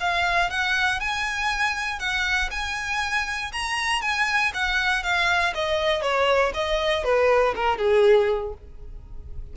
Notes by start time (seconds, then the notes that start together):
0.00 F5
0.50 F#5
1.00 G#5
1.99 F#5
2.51 G#5
3.52 A#5
4.02 G#5
4.54 F#5
5.04 F5
5.55 D#5
6.02 C#5
6.54 D#5
7.04 B4
7.56 A#4
7.78 G#4